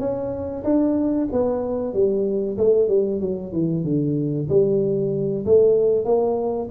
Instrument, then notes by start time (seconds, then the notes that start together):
tuba
0.00 C#4
0.64 D4
1.33 B3
1.94 G3
2.58 A3
2.89 G3
3.21 F#3
3.53 E3
3.85 D3
4.50 G3
5.46 A3
6.06 A#3